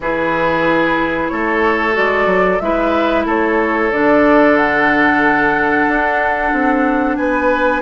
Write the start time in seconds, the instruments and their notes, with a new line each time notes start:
0.00 bassoon E3, clarinet E4, oboe G#4, flute B4
1.29 bassoon A3, oboe A4, flute C#5
1.93 bassoon G#3, clarinet F#4, flute D5
2.25 bassoon F#3
2.60 bassoon G#3, clarinet E4, oboe B4, flute E5
3.25 bassoon A3, oboe A4, flute C#5
3.91 bassoon D3, clarinet D4, flute D5
4.57 flute F#5
5.87 bassoon D4
6.52 bassoon C4
7.16 bassoon B3, oboe B4, flute G#5